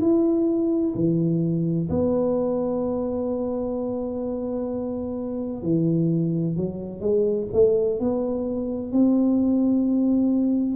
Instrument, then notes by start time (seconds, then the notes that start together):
tuba
0.00 E4
0.95 E3
1.89 B3
5.62 E3
6.56 F#3
7.00 G#3
7.53 A3
7.99 B3
8.91 C4